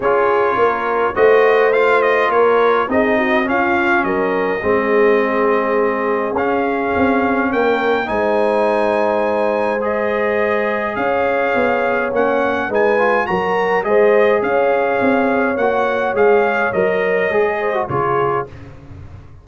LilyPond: <<
  \new Staff \with { instrumentName = "trumpet" } { \time 4/4 \tempo 4 = 104 cis''2 dis''4 f''8 dis''8 | cis''4 dis''4 f''4 dis''4~ | dis''2. f''4~ | f''4 g''4 gis''2~ |
gis''4 dis''2 f''4~ | f''4 fis''4 gis''4 ais''4 | dis''4 f''2 fis''4 | f''4 dis''2 cis''4 | }
  \new Staff \with { instrumentName = "horn" } { \time 4/4 gis'4 ais'4 c''2 | ais'4 gis'8 fis'8 f'4 ais'4 | gis'1~ | gis'4 ais'4 c''2~ |
c''2. cis''4~ | cis''2 b'4 ais'4 | c''4 cis''2.~ | cis''2~ cis''8 c''8 gis'4 | }
  \new Staff \with { instrumentName = "trombone" } { \time 4/4 f'2 fis'4 f'4~ | f'4 dis'4 cis'2 | c'2. cis'4~ | cis'2 dis'2~ |
dis'4 gis'2.~ | gis'4 cis'4 dis'8 f'8 fis'4 | gis'2. fis'4 | gis'4 ais'4 gis'8. fis'16 f'4 | }
  \new Staff \with { instrumentName = "tuba" } { \time 4/4 cis'4 ais4 a2 | ais4 c'4 cis'4 fis4 | gis2. cis'4 | c'4 ais4 gis2~ |
gis2. cis'4 | b4 ais4 gis4 fis4 | gis4 cis'4 c'4 ais4 | gis4 fis4 gis4 cis4 | }
>>